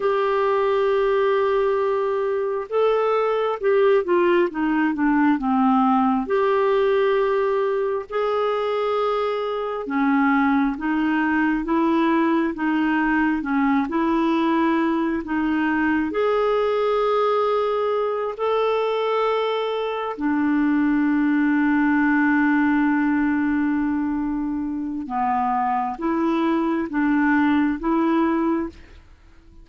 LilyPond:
\new Staff \with { instrumentName = "clarinet" } { \time 4/4 \tempo 4 = 67 g'2. a'4 | g'8 f'8 dis'8 d'8 c'4 g'4~ | g'4 gis'2 cis'4 | dis'4 e'4 dis'4 cis'8 e'8~ |
e'4 dis'4 gis'2~ | gis'8 a'2 d'4.~ | d'1 | b4 e'4 d'4 e'4 | }